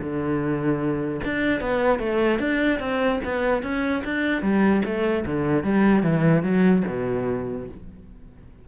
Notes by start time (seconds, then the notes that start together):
0.00 D3
1.24 D4
1.61 B3
1.99 A3
2.39 D4
2.80 C4
3.24 B3
3.63 C#4
4.05 D4
4.42 G3
4.85 A3
5.26 D3
5.64 G3
6.03 E3
6.43 F#3
6.87 B2